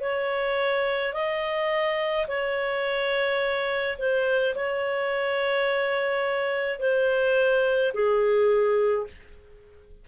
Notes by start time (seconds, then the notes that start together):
0.00 C#5
1.13 D#5
2.27 C#5
3.98 C5
4.55 C#5
6.79 C5
7.93 G#4